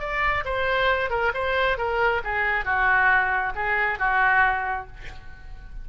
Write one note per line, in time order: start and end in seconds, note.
0.00 0.44 D5
0.45 1.10 C5
1.10 1.32 A#4
1.34 1.78 C5
1.78 2.22 A#4
2.24 2.65 G#4
2.65 3.53 F#4
3.55 3.99 G#4
3.99 4.87 F#4